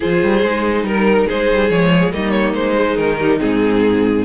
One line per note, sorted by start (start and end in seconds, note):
0.00 0.22 F3
0.00 0.43 F4
0.00 0.85 G#4
0.00 0.85 C5
0.22 0.42 G3
0.42 0.83 G#3
0.42 1.71 D#4
0.83 1.26 G3
0.83 1.28 A#4
0.83 1.27 A#4
1.27 1.51 G#3
1.27 2.12 G#4
1.27 1.70 C5
1.51 1.70 G3
1.70 2.12 F3
1.70 2.12 G#3
1.70 2.12 C#5
2.12 2.55 G3
2.12 2.75 A#3
2.12 4.25 D#4
2.12 2.31 D#5
2.31 2.52 C#5
2.55 2.97 G#3
2.55 2.97 C5
2.75 3.18 G#3
2.97 3.40 D#3
2.97 3.39 A#4
3.19 3.40 G3
3.40 4.25 G#2
3.40 4.25 C4
3.40 4.25 G#4